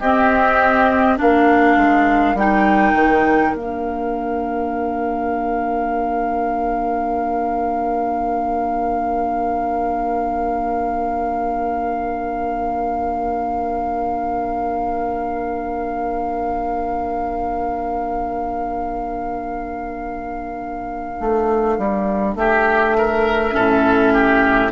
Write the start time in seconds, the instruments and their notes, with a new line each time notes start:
0.00 bassoon C4, clarinet C4, oboe G4, flute D#5
1.17 bassoon A#3, clarinet D4, oboe A#4, flute F5
1.77 bassoon G#3
2.35 bassoon G3, clarinet D#4, flute G5
2.94 bassoon D#3
3.54 bassoon A#3, clarinet D4, flute F5
21.20 bassoon A3
21.78 bassoon G3
22.36 bassoon A3, oboe G4, flute E5
22.99 oboe A#4
23.52 bassoon A2, clarinet C#4, oboe A4
24.13 oboe G4